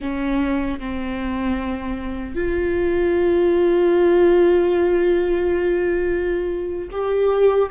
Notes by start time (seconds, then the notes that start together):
0.00 C#4
0.79 C4
2.35 F4
6.91 G4